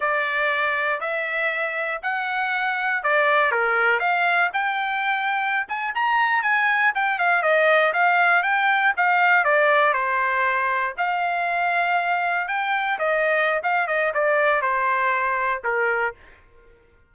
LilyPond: \new Staff \with { instrumentName = "trumpet" } { \time 4/4 \tempo 4 = 119 d''2 e''2 | fis''2 d''4 ais'4 | f''4 g''2~ g''16 gis''8 ais''16~ | ais''8. gis''4 g''8 f''8 dis''4 f''16~ |
f''8. g''4 f''4 d''4 c''16~ | c''4.~ c''16 f''2~ f''16~ | f''8. g''4 dis''4~ dis''16 f''8 dis''8 | d''4 c''2 ais'4 | }